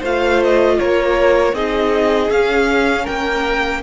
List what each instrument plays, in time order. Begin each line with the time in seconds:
0.00 cello A3, viola F4, violin C5 F5
0.43 violin D#5
0.79 cello A#3, violin A#4 C#5
1.53 cello C4, viola D#4, violin G#4 D#5
2.30 cello C#4, viola C#4, violin F5
3.04 cello A#3, violin A#4 G5